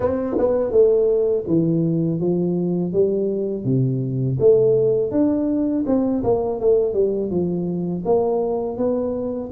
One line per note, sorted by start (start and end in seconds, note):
0.00 0.37 C4
0.38 0.71 B3
0.71 1.44 A3
1.47 2.20 E3
2.20 2.93 F3
2.93 3.64 G3
3.64 4.37 C3
4.39 5.11 A3
5.11 5.84 D4
5.86 6.23 C4
6.23 6.60 A#3
6.60 6.93 A3
6.93 7.30 G3
7.30 8.03 F3
8.05 8.77 A#3
8.77 9.50 B3